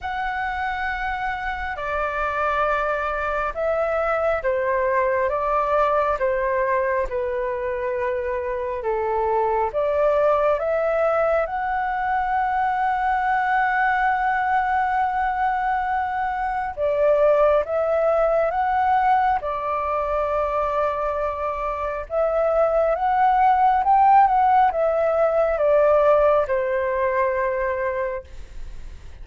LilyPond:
\new Staff \with { instrumentName = "flute" } { \time 4/4 \tempo 4 = 68 fis''2 d''2 | e''4 c''4 d''4 c''4 | b'2 a'4 d''4 | e''4 fis''2.~ |
fis''2. d''4 | e''4 fis''4 d''2~ | d''4 e''4 fis''4 g''8 fis''8 | e''4 d''4 c''2 | }